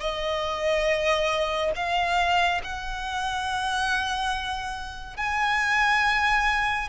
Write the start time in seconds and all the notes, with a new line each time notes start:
0.00 D#5
1.76 F5
2.64 F#5
5.17 G#5